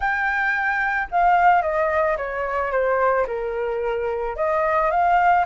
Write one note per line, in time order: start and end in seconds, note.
0.00 1.08 G5
1.11 1.62 F5
1.62 2.16 D#5
2.17 2.71 C#5
2.71 3.26 C5
3.27 4.36 A#4
4.36 4.90 D#5
4.90 5.45 F5